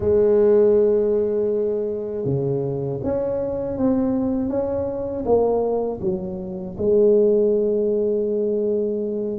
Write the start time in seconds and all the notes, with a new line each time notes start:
0.00 G#3
2.25 C#3
3.03 C#4
3.77 C4
4.49 C#4
5.24 A#3
6.00 F#3
6.77 G#3